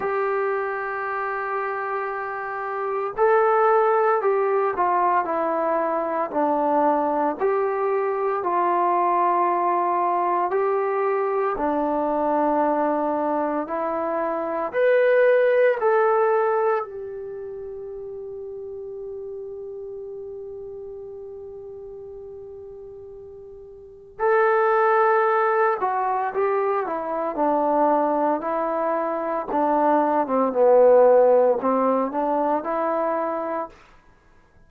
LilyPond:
\new Staff \with { instrumentName = "trombone" } { \time 4/4 \tempo 4 = 57 g'2. a'4 | g'8 f'8 e'4 d'4 g'4 | f'2 g'4 d'4~ | d'4 e'4 b'4 a'4 |
g'1~ | g'2. a'4~ | a'8 fis'8 g'8 e'8 d'4 e'4 | d'8. c'16 b4 c'8 d'8 e'4 | }